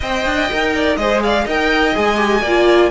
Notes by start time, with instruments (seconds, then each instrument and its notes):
0.00 cello C4, viola C5, violin D#5 G5
0.25 cello D4
0.51 cello D#4, viola A#4
0.74 violin D5
0.95 cello G#3, viola G#4, violin C5 D#5
1.22 violin D5 F5
1.45 cello D#4, viola A#4, violin D#5 G5
1.93 cello G#3, viola G#4, violin G#5
2.17 viola G4
2.41 cello A#3, viola F4, violin D5